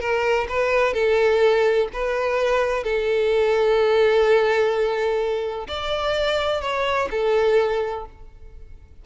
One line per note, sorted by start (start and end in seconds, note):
0.00 0.47 A#4
0.49 0.94 B4
0.94 1.89 A4
1.93 2.84 B4
2.84 5.67 A4
5.68 6.61 D5
6.61 7.09 C#5
7.11 8.06 A4